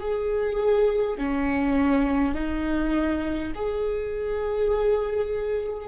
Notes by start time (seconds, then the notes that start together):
0.00 G#4
1.18 C#4
2.35 D#4
3.55 G#4